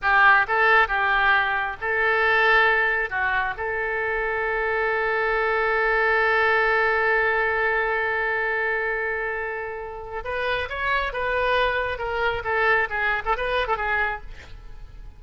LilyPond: \new Staff \with { instrumentName = "oboe" } { \time 4/4 \tempo 4 = 135 g'4 a'4 g'2 | a'2. fis'4 | a'1~ | a'1~ |
a'1~ | a'2. b'4 | cis''4 b'2 ais'4 | a'4 gis'8. a'16 b'8. a'16 gis'4 | }